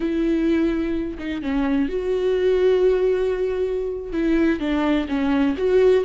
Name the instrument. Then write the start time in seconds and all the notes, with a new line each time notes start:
viola
0.00 E4
1.18 D#4
1.42 C#4
1.88 F#4
4.12 E4
4.59 D4
5.08 C#4
5.57 F#4